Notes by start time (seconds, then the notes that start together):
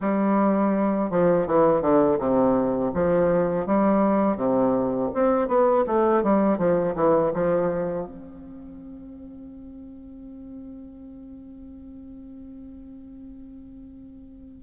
0.00 G3
1.10 F3
1.46 E3
1.81 D3
2.19 C3
2.94 F3
3.66 G3
4.37 C3
5.14 C4
5.47 B3
5.86 A3
6.23 G3
6.58 F3
6.95 E3
7.34 F3
8.06 C4